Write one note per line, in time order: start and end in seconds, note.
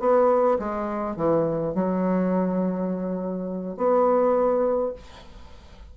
0.00 0.58 B3
0.59 1.17 G#3
1.17 1.75 E3
1.75 3.77 F#3
3.77 4.94 B3